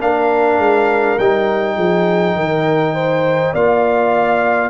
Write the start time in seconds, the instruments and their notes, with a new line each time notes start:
0.00 tuba A#3, trombone D4, horn A#4, trumpet F5
0.58 tuba G#3
1.19 tuba G3, trombone D#4, trumpet G5
1.76 tuba F3, horn G#4
2.36 tuba D#3, horn A#4
2.95 horn C5
3.53 tuba A#3, trombone F4, horn D5, trumpet F5